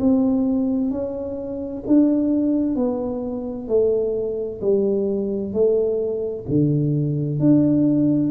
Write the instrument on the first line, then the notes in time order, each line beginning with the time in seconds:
tuba
0.00 C4
0.91 C#4
1.88 D4
2.76 B3
3.68 A3
4.62 G3
5.53 A3
6.49 D3
7.40 D4